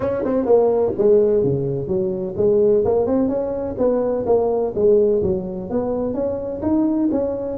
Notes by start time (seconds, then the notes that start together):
0.00 C#4
0.24 C4
0.45 A#3
0.97 G#3
1.43 C#3
1.87 F#3
2.36 G#3
2.85 A#3
3.06 C4
3.28 C#4
3.78 B3
4.26 A#3
4.75 G#3
5.22 F#3
5.70 B3
6.14 C#4
6.62 D#4
7.11 C#4